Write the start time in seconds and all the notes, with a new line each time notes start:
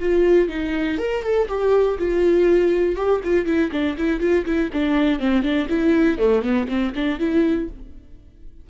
0.00 F4
0.48 D#4
0.98 A#4
1.23 A4
1.48 G4
1.98 F4
2.96 G4
3.24 F4
3.46 E4
3.72 D4
3.97 E4
4.20 F4
4.46 E4
4.73 D4
5.19 C4
5.43 D4
5.69 E4
6.18 A3
6.42 B3
6.68 C4
6.95 D4
7.19 E4